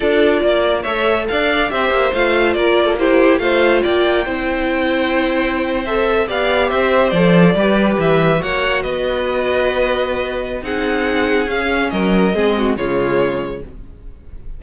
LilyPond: <<
  \new Staff \with { instrumentName = "violin" } { \time 4/4 \tempo 4 = 141 d''2 e''4 f''4 | e''4 f''4 d''4 c''4 | f''4 g''2.~ | g''4.~ g''16 e''4 f''4 e''16~ |
e''8. d''2 e''4 fis''16~ | fis''8. dis''2.~ dis''16~ | dis''4 fis''2 f''4 | dis''2 cis''2 | }
  \new Staff \with { instrumentName = "violin" } { \time 4/4 a'4 d''4 cis''4 d''4 | c''2 ais'8. a'16 g'4 | c''4 d''4 c''2~ | c''2~ c''8. d''4 c''16~ |
c''4.~ c''16 b'2 cis''16~ | cis''8. b'2.~ b'16~ | b'4 gis'2. | ais'4 gis'8 fis'8 f'2 | }
  \new Staff \with { instrumentName = "viola" } { \time 4/4 f'2 a'2 | g'4 f'2 e'4 | f'2 e'2~ | e'4.~ e'16 a'4 g'4~ g'16~ |
g'8. a'4 g'2 fis'16~ | fis'1~ | fis'4 dis'2 cis'4~ | cis'4 c'4 gis2 | }
  \new Staff \with { instrumentName = "cello" } { \time 4/4 d'4 ais4 a4 d'4 | c'8 ais8 a4 ais2 | a4 ais4 c'2~ | c'2~ c'8. b4 c'16~ |
c'8. f4 g4 e4 ais16~ | ais8. b2.~ b16~ | b4 c'2 cis'4 | fis4 gis4 cis2 | }
>>